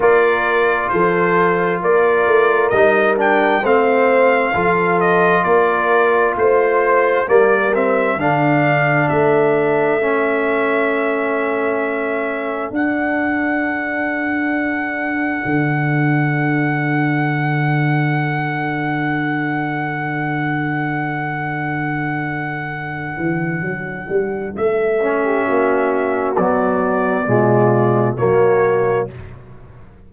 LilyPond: <<
  \new Staff \with { instrumentName = "trumpet" } { \time 4/4 \tempo 4 = 66 d''4 c''4 d''4 dis''8 g''8 | f''4. dis''8 d''4 c''4 | d''8 e''8 f''4 e''2~ | e''2 fis''2~ |
fis''1~ | fis''1~ | fis''2. e''4~ | e''4 d''2 cis''4 | }
  \new Staff \with { instrumentName = "horn" } { \time 4/4 ais'4 a'4 ais'2 | c''4 a'4 ais'4 c''4 | ais'4 a'2.~ | a'1~ |
a'1~ | a'1~ | a'2.~ a'8. g'16 | fis'2 f'4 fis'4 | }
  \new Staff \with { instrumentName = "trombone" } { \time 4/4 f'2. dis'8 d'8 | c'4 f'2. | ais8 c'8 d'2 cis'4~ | cis'2 d'2~ |
d'1~ | d'1~ | d'2.~ d'8 cis'8~ | cis'4 fis4 gis4 ais4 | }
  \new Staff \with { instrumentName = "tuba" } { \time 4/4 ais4 f4 ais8 a8 g4 | a4 f4 ais4 a4 | g4 d4 a2~ | a2 d'2~ |
d'4 d2.~ | d1~ | d4. e8 fis8 g8 a4 | ais4 b4 b,4 fis4 | }
>>